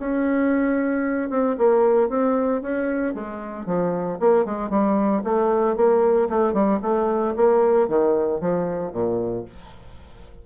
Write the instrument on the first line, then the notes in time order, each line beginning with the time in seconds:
bassoon
0.00 C#4
1.30 C4
1.58 A#3
2.09 C4
2.62 C#4
3.14 G#3
3.66 F3
4.20 A#3
4.45 G#3
4.70 G3
5.24 A3
5.76 A#3
6.30 A3
6.54 G3
6.83 A3
7.36 A#3
7.89 D#3
8.41 F3
8.93 A#2